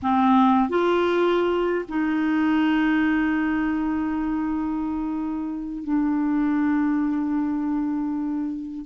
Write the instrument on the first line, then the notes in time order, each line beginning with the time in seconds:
clarinet
0.02 C4
0.68 F4
1.88 D#4
5.83 D4